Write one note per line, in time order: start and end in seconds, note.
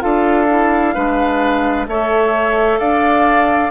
0.00 0.96 D4
0.00 0.46 F4
0.00 0.94 A4
0.00 1.86 F5
0.49 0.95 E4
0.94 1.87 G#3
0.94 1.87 D4
0.94 1.87 B4
1.87 2.79 A3
1.87 3.71 A4
1.87 2.80 C#5
1.87 2.79 E5
2.79 3.71 D4
2.79 3.71 D5
2.79 3.71 F5